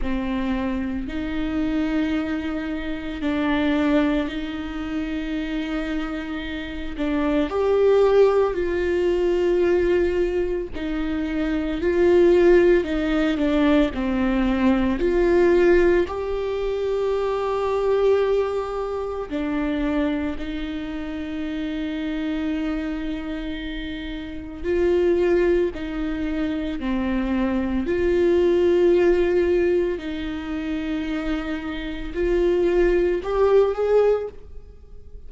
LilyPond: \new Staff \with { instrumentName = "viola" } { \time 4/4 \tempo 4 = 56 c'4 dis'2 d'4 | dis'2~ dis'8 d'8 g'4 | f'2 dis'4 f'4 | dis'8 d'8 c'4 f'4 g'4~ |
g'2 d'4 dis'4~ | dis'2. f'4 | dis'4 c'4 f'2 | dis'2 f'4 g'8 gis'8 | }